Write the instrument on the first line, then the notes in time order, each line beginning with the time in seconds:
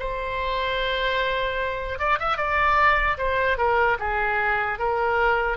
oboe
0.00 C5
1.99 D5
2.20 E5
2.37 D5
3.18 C5
3.58 A#4
4.00 G#4
4.79 A#4